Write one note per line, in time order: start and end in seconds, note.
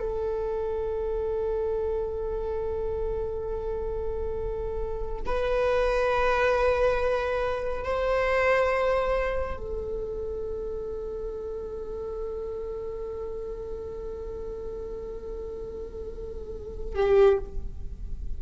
0.00 5.22 A4
5.26 7.84 B4
7.84 9.57 C5
9.57 16.95 A4
16.95 17.38 G4